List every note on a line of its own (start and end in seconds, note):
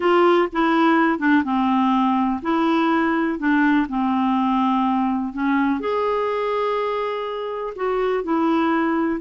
0.00 0.48 F4
0.52 1.19 E4
1.19 1.43 D4
1.44 2.41 C4
2.42 3.38 E4
3.38 3.87 D4
3.88 5.33 C4
5.33 5.80 C#4
5.80 7.73 G#4
7.75 8.23 F#4
8.23 9.20 E4